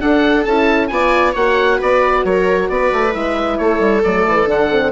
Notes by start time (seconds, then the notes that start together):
0.00 D4 A4 F#5
0.44 C#4 E4 A5
0.87 B3 F4 D5 G#5
1.32 A#3 F#4 C#5 F#5
1.77 B3 B4 D5
2.24 F#3 A#4 C#5
2.69 B3 B4 D5
2.92 A3
3.12 G#3 E4 E5
3.57 A3 A4 C#5
3.79 G3
4.04 F#3 A3 D5
4.26 E3
4.45 D3 D4 F#5
4.71 C4